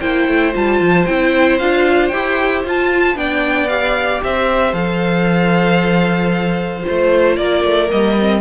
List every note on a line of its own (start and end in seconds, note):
0.00 0.28 A#3
0.00 0.53 E4
0.00 3.17 C5
0.00 0.53 G5
0.28 0.54 A3
0.53 0.81 G3
0.53 1.05 F4
0.53 1.06 A5
0.81 1.07 F3
1.06 1.61 C4
1.06 1.60 E4
1.06 1.58 G5
1.59 2.12 D4
1.59 2.12 F4
1.59 2.09 F5
2.09 2.65 E4
2.09 2.65 G4
2.09 2.61 G5
2.65 3.16 F4
2.65 3.15 F4
2.65 3.17 A5
3.15 4.21 B3
3.15 3.68 D4
3.15 4.24 D5
3.15 3.68 G5
3.68 4.73 G4
3.68 4.21 F5
4.24 4.73 C4
4.24 7.38 C5
4.24 4.74 E5
4.73 6.84 F3
4.73 6.83 A4
4.73 6.85 F5
6.83 7.88 F4
6.83 7.37 C5
6.89 7.37 A3
7.37 7.64 A#3
7.37 8.41 A#4
7.37 7.89 D5
7.64 7.90 A3
7.88 8.41 G3
7.88 8.14 A#3
7.88 8.41 D#5
8.20 8.41 C4